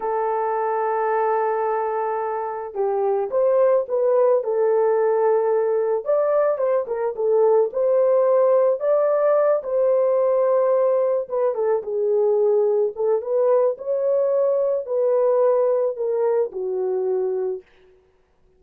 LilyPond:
\new Staff \with { instrumentName = "horn" } { \time 4/4 \tempo 4 = 109 a'1~ | a'4 g'4 c''4 b'4 | a'2. d''4 | c''8 ais'8 a'4 c''2 |
d''4. c''2~ c''8~ | c''8 b'8 a'8 gis'2 a'8 | b'4 cis''2 b'4~ | b'4 ais'4 fis'2 | }